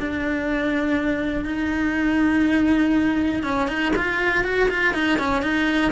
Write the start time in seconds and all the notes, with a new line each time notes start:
0.00 D4
1.46 D#4
3.43 C#4
3.68 D#4
3.97 F4
4.44 F#4
4.70 F4
4.94 D#4
5.19 C#4
5.43 D#4